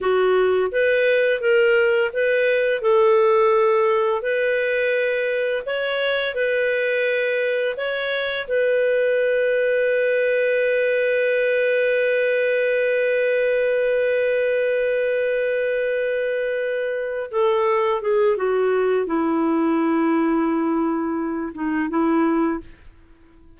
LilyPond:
\new Staff \with { instrumentName = "clarinet" } { \time 4/4 \tempo 4 = 85 fis'4 b'4 ais'4 b'4 | a'2 b'2 | cis''4 b'2 cis''4 | b'1~ |
b'1~ | b'1~ | b'8 a'4 gis'8 fis'4 e'4~ | e'2~ e'8 dis'8 e'4 | }